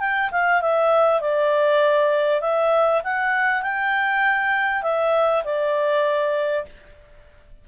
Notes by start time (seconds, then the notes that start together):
0.00 G5
0.32 F5
0.61 E5
1.21 D5
2.41 E5
3.04 F#5
3.62 G5
4.83 E5
5.44 D5